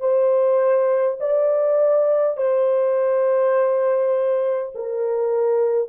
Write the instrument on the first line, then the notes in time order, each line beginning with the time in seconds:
horn
0.00 C5
1.20 D5
2.37 C5
4.74 A#4